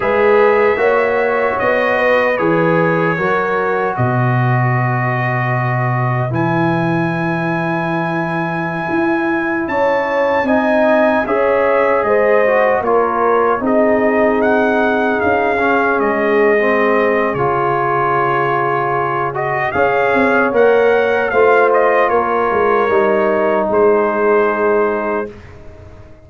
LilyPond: <<
  \new Staff \with { instrumentName = "trumpet" } { \time 4/4 \tempo 4 = 76 e''2 dis''4 cis''4~ | cis''4 dis''2. | gis''1~ | gis''16 a''4 gis''4 e''4 dis''8.~ |
dis''16 cis''4 dis''4 fis''4 f''8.~ | f''16 dis''4.~ dis''16 cis''2~ | cis''8 dis''8 f''4 fis''4 f''8 dis''8 | cis''2 c''2 | }
  \new Staff \with { instrumentName = "horn" } { \time 4/4 b'4 cis''4. b'4. | ais'4 b'2.~ | b'1~ | b'16 cis''4 dis''4 cis''4 c''8.~ |
c''16 ais'4 gis'2~ gis'8.~ | gis'1~ | gis'4 cis''2 c''4 | ais'2 gis'2 | }
  \new Staff \with { instrumentName = "trombone" } { \time 4/4 gis'4 fis'2 gis'4 | fis'1 | e'1~ | e'4~ e'16 dis'4 gis'4. fis'16~ |
fis'16 f'4 dis'2~ dis'8 cis'16~ | cis'4 c'4 f'2~ | f'8 fis'8 gis'4 ais'4 f'4~ | f'4 dis'2. | }
  \new Staff \with { instrumentName = "tuba" } { \time 4/4 gis4 ais4 b4 e4 | fis4 b,2. | e2.~ e16 e'8.~ | e'16 cis'4 c'4 cis'4 gis8.~ |
gis16 ais4 c'2 cis'8.~ | cis'16 gis4.~ gis16 cis2~ | cis4 cis'8 c'8 ais4 a4 | ais8 gis8 g4 gis2 | }
>>